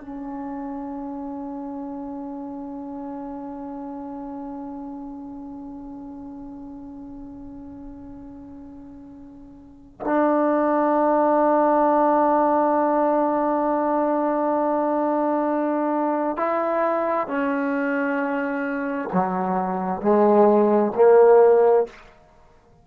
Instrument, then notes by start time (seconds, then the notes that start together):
trombone
0.00 C#4
10.00 D4
16.37 E4
17.27 C#4
19.13 F#3
20.01 G#3
20.95 A#3